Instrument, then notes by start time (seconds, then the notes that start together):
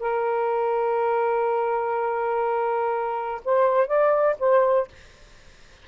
saxophone
0.00 A#4
3.45 C5
3.88 D5
4.39 C5